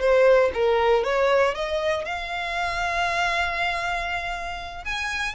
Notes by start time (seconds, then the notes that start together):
0.00 C5
0.54 A#4
1.04 C#5
1.54 D#5
2.05 F5
4.85 G#5